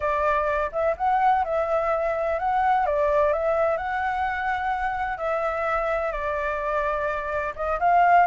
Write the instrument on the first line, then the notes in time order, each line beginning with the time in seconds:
flute
0.00 D5
0.72 E5
0.97 F#5
1.44 E5
2.39 F#5
2.86 D5
3.32 E5
3.77 F#5
5.17 E5
6.12 D5
7.55 D#5
7.79 F5